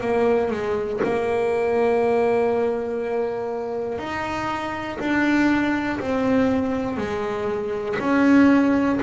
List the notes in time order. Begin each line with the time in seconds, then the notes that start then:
0.00 A#3
0.50 G#3
1.03 A#3
3.98 D#4
4.99 D4
6.00 C4
6.97 G#3
8.00 C#4